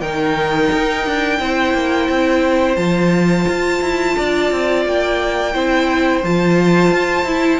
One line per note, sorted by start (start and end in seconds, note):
0.00 0.69 D#3
0.00 1.39 D#4
0.00 1.39 A#4
0.00 2.76 G5
0.72 1.06 D#4
1.06 1.39 D4
1.39 1.73 C4
1.39 2.76 E4
1.39 4.17 C5
1.73 2.08 A#3
2.08 2.76 C4
2.76 3.45 F3
2.76 5.52 F4
2.76 4.82 A5
3.48 3.81 F4
3.81 4.16 E4
4.17 4.51 D4
4.17 5.53 D5
4.51 4.85 C4
4.85 5.54 A#3
4.85 6.24 G5
5.53 6.23 C4
5.53 6.22 E4
5.53 7.59 C5
6.23 6.91 F3
6.23 7.26 F4
6.23 7.59 A5
6.91 7.23 F4
7.23 7.58 E4
7.23 7.59 E4